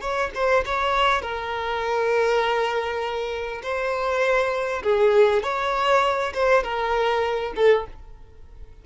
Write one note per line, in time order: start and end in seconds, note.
0.00 0.30 C#5
0.34 0.64 C5
0.65 1.21 C#5
1.21 3.61 A#4
3.62 4.82 C5
4.82 5.42 G#4
5.42 6.32 C#5
6.33 6.63 C5
6.63 7.53 A#4
7.55 7.85 A4